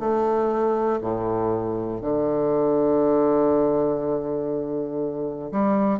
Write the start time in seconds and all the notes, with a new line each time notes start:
0.00 A3
1.01 A2
2.01 D3
5.52 G3